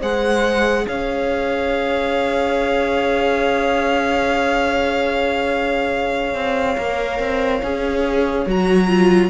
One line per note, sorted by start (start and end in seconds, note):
0.00 0.86 G#3
0.00 6.77 G#4
0.00 0.85 C5
0.00 0.87 F#5
0.86 6.34 C#4
0.86 9.30 C#5
0.86 8.48 F5
6.34 6.76 C4
6.77 7.19 A#3
6.77 7.62 A#4
7.19 7.61 C4
7.63 8.46 C#4
7.63 8.46 G#4
8.46 9.30 F#3
8.46 8.87 F#4
8.46 9.30 A#5
8.87 9.30 F4